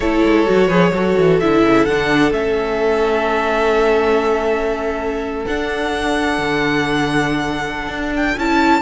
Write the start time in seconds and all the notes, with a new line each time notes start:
0.00 A3 E4 A4 C#5
0.24 G#3
0.46 F#3 F#4
0.67 F3 G#4 B4
0.91 F#3 F#4 A4
1.18 E3
1.40 D3 E4 E5
1.63 C#3
1.85 D3 D4 F#5
2.31 A3 C#4 E5
5.45 D4 F#5
6.38 D3
7.87 D4
8.16 G5
8.37 C#4 E4 A5